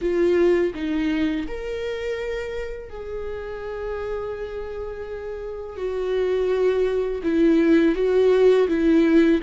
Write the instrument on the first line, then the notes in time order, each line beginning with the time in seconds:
viola
0.01 F4
0.74 D#4
1.47 A#4
2.89 G#4
5.76 F#4
7.23 E4
7.95 F#4
8.68 E4